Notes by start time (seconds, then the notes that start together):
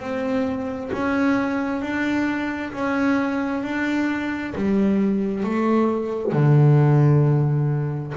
0.00 C4
0.93 C#4
1.82 D4
2.73 C#4
3.63 D4
4.55 G3
5.44 A3
6.32 D3